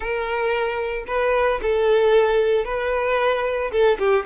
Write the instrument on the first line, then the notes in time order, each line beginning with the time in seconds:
violin
0.00 A#4
1.07 B4
1.62 A4
2.65 B4
3.71 A4
3.98 G4